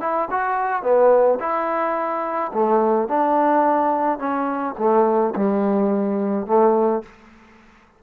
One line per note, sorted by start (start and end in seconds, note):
0.00 0.28 E4
0.30 0.82 F#4
0.82 1.38 B3
1.39 2.52 E4
2.53 3.08 A3
3.08 4.18 D4
4.18 4.74 C#4
4.78 5.34 A3
5.36 6.46 G3
6.46 7.02 A3